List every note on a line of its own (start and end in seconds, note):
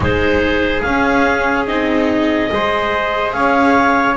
0.00 0.80 G#3
0.00 0.83 D#4
0.00 2.52 G#4
0.00 0.81 C5
0.81 1.67 C#4
0.81 1.65 F5
1.66 2.50 C4
1.66 2.49 D#4
1.66 3.32 D#5
2.49 3.33 G#3
2.49 4.16 G#4
2.49 3.34 C5
3.32 4.16 C#4
3.32 4.16 C#5
3.32 4.15 F5